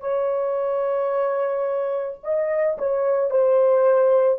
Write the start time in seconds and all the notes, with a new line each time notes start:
0.00 C#5
2.23 D#5
2.78 C#5
3.30 C5